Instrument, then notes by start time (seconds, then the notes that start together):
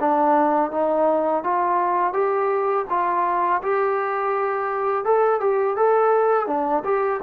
trombone
0.00 D4
0.71 D#4
1.44 F4
2.13 G4
2.89 F4
3.62 G4
5.05 A4
5.41 G4
5.76 A4
6.47 D4
6.84 G4